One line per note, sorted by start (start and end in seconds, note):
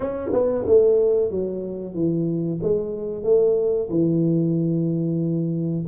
0.00 0.30 C#4
0.32 0.65 B3
0.66 1.30 A3
1.30 1.94 F#3
1.94 2.59 E3
2.62 3.23 G#3
3.23 3.88 A3
3.90 5.85 E3